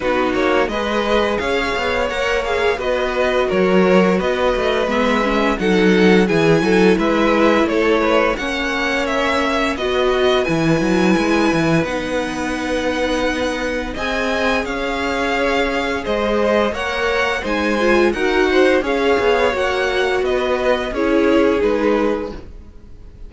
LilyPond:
<<
  \new Staff \with { instrumentName = "violin" } { \time 4/4 \tempo 4 = 86 b'8 cis''8 dis''4 f''4 fis''8 f''8 | dis''4 cis''4 dis''4 e''4 | fis''4 gis''4 e''4 cis''4 | fis''4 e''4 dis''4 gis''4~ |
gis''4 fis''2. | gis''4 f''2 dis''4 | fis''4 gis''4 fis''4 f''4 | fis''4 dis''4 cis''4 b'4 | }
  \new Staff \with { instrumentName = "violin" } { \time 4/4 fis'4 b'4 cis''2 | b'4 ais'4 b'2 | a'4 gis'8 a'8 b'4 a'8 b'8 | cis''2 b'2~ |
b'1 | dis''4 cis''2 c''4 | cis''4 c''4 ais'8 c''8 cis''4~ | cis''4 b'4 gis'2 | }
  \new Staff \with { instrumentName = "viola" } { \time 4/4 dis'4 gis'2 ais'8 gis'8 | fis'2. b8 cis'8 | dis'4 e'2. | cis'2 fis'4 e'4~ |
e'4 dis'2. | gis'1 | ais'4 dis'8 f'8 fis'4 gis'4 | fis'2 e'4 dis'4 | }
  \new Staff \with { instrumentName = "cello" } { \time 4/4 b8 ais8 gis4 cis'8 b8 ais4 | b4 fis4 b8 a8 gis4 | fis4 e8 fis8 gis4 a4 | ais2 b4 e8 fis8 |
gis8 e8 b2. | c'4 cis'2 gis4 | ais4 gis4 dis'4 cis'8 b8 | ais4 b4 cis'4 gis4 | }
>>